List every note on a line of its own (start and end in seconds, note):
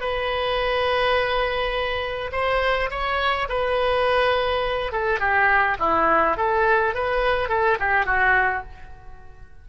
0.00 2.31 B4
2.32 2.90 C5
2.90 3.48 C#5
3.49 4.91 B4
4.91 5.19 A4
5.19 5.77 G4
5.79 6.36 E4
6.36 6.94 A4
6.94 7.48 B4
7.48 7.77 A4
7.79 8.05 G4
8.05 8.63 F#4